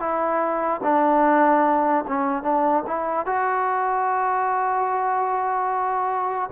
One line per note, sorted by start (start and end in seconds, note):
0.00 0.81 E4
0.83 2.05 D4
2.08 2.43 C#4
2.43 2.84 D4
2.87 3.26 E4
3.26 6.50 F#4